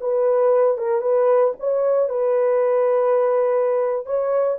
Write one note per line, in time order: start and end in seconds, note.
0.00 0.78 B4
0.78 1.01 A#4
1.01 1.53 B4
1.60 2.09 C#5
2.09 4.06 B4
4.06 4.58 C#5